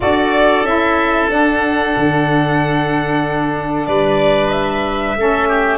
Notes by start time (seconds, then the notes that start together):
0.00 D4 F#4 A4 D5
0.63 C#4 E4 E5
1.29 D4 F#5
1.96 D3
3.86 G3 B4 D5
4.50 E5
5.16 A3 C#4 A4
5.48 G4